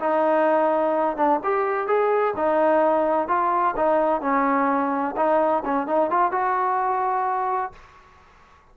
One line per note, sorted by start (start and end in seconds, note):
0.00 1.17 D#4
1.17 1.41 D4
1.44 1.88 G4
1.88 2.35 G#4
2.37 3.29 D#4
3.29 3.75 F4
3.77 4.22 D#4
4.22 5.16 C#4
5.17 5.64 D#4
5.65 5.87 C#4
5.87 6.11 D#4
6.11 6.32 F4
6.32 7.73 F#4